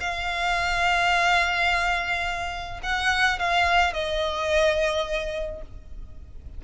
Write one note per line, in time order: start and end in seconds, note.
0.00 2.80 F5
2.83 3.39 F#5
3.39 3.93 F5
3.93 5.62 D#5